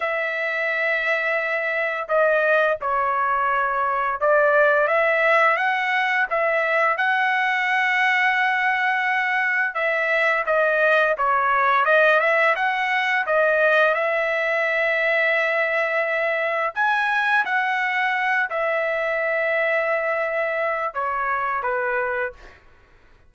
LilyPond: \new Staff \with { instrumentName = "trumpet" } { \time 4/4 \tempo 4 = 86 e''2. dis''4 | cis''2 d''4 e''4 | fis''4 e''4 fis''2~ | fis''2 e''4 dis''4 |
cis''4 dis''8 e''8 fis''4 dis''4 | e''1 | gis''4 fis''4. e''4.~ | e''2 cis''4 b'4 | }